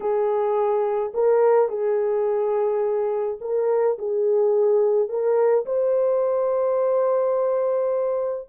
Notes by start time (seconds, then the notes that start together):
0.00 G#4
1.14 A#4
1.68 G#4
3.41 A#4
3.98 G#4
5.08 A#4
5.65 C5